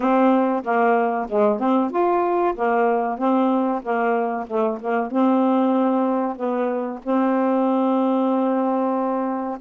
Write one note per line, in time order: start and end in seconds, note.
0.00 0.63 C4
0.63 1.27 A#3
1.29 1.59 G#3
1.59 1.90 C4
1.90 2.54 F4
2.54 3.18 A#3
3.18 3.82 C4
3.82 4.46 A#3
4.47 4.78 A3
4.80 5.11 A#3
5.11 6.35 C4
6.35 6.99 B3
7.03 9.58 C4